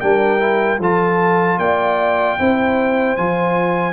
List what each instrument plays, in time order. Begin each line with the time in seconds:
0.00 tuba G3, trombone D4, horn A#4, trumpet G5
0.39 trombone E4
0.79 tuba F3, trombone F4, horn A4, trumpet A5
1.58 tuba A#3, horn D5, trumpet G5
2.38 tuba C4, trombone E4, horn C5
3.16 tuba F3, trombone F4, trumpet G#5